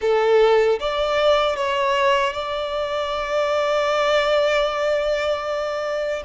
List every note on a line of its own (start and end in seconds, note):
0.01 0.79 A4
0.79 1.56 D5
1.56 2.33 C#5
2.33 6.23 D5